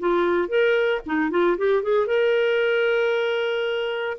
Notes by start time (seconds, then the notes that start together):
0.00 F4
0.49 A#4
1.06 D#4
1.31 F4
1.58 G4
1.83 G#4
2.07 A#4